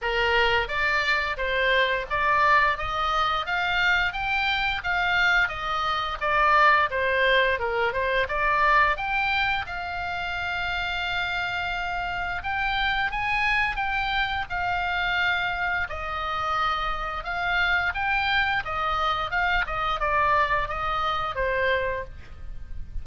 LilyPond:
\new Staff \with { instrumentName = "oboe" } { \time 4/4 \tempo 4 = 87 ais'4 d''4 c''4 d''4 | dis''4 f''4 g''4 f''4 | dis''4 d''4 c''4 ais'8 c''8 | d''4 g''4 f''2~ |
f''2 g''4 gis''4 | g''4 f''2 dis''4~ | dis''4 f''4 g''4 dis''4 | f''8 dis''8 d''4 dis''4 c''4 | }